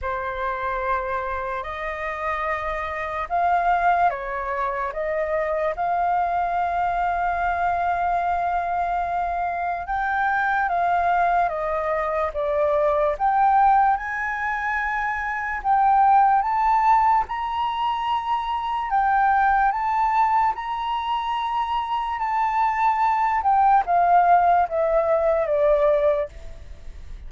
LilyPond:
\new Staff \with { instrumentName = "flute" } { \time 4/4 \tempo 4 = 73 c''2 dis''2 | f''4 cis''4 dis''4 f''4~ | f''1 | g''4 f''4 dis''4 d''4 |
g''4 gis''2 g''4 | a''4 ais''2 g''4 | a''4 ais''2 a''4~ | a''8 g''8 f''4 e''4 d''4 | }